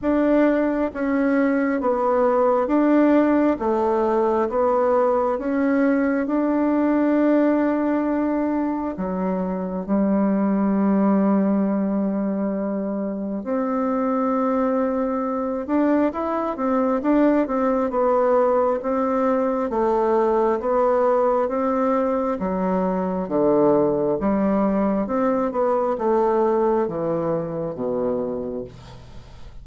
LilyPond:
\new Staff \with { instrumentName = "bassoon" } { \time 4/4 \tempo 4 = 67 d'4 cis'4 b4 d'4 | a4 b4 cis'4 d'4~ | d'2 fis4 g4~ | g2. c'4~ |
c'4. d'8 e'8 c'8 d'8 c'8 | b4 c'4 a4 b4 | c'4 fis4 d4 g4 | c'8 b8 a4 e4 b,4 | }